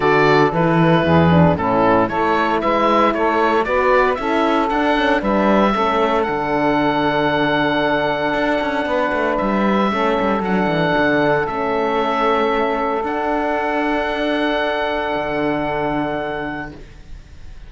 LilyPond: <<
  \new Staff \with { instrumentName = "oboe" } { \time 4/4 \tempo 4 = 115 d''4 b'2 a'4 | cis''4 e''4 cis''4 d''4 | e''4 fis''4 e''2 | fis''1~ |
fis''2 e''2 | fis''2 e''2~ | e''4 fis''2.~ | fis''1 | }
  \new Staff \with { instrumentName = "saxophone" } { \time 4/4 a'2 gis'4 e'4 | a'4 b'4 a'4 b'4 | a'2 b'4 a'4~ | a'1~ |
a'4 b'2 a'4~ | a'1~ | a'1~ | a'1 | }
  \new Staff \with { instrumentName = "horn" } { \time 4/4 fis'4 e'4. d'8 cis'4 | e'2. fis'4 | e'4 d'8 cis'8 d'4 cis'4 | d'1~ |
d'2. cis'4 | d'2 cis'2~ | cis'4 d'2.~ | d'1 | }
  \new Staff \with { instrumentName = "cello" } { \time 4/4 d4 e4 e,4 a,4 | a4 gis4 a4 b4 | cis'4 d'4 g4 a4 | d1 |
d'8 cis'8 b8 a8 g4 a8 g8 | fis8 e8 d4 a2~ | a4 d'2.~ | d'4 d2. | }
>>